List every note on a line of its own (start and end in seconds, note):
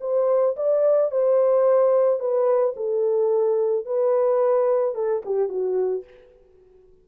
0.00 0.55 C5
0.56 1.11 D5
1.11 2.19 C5
2.19 2.74 B4
2.76 3.85 A4
3.85 4.94 B4
4.94 5.22 A4
5.25 5.48 G4
5.48 6.04 F#4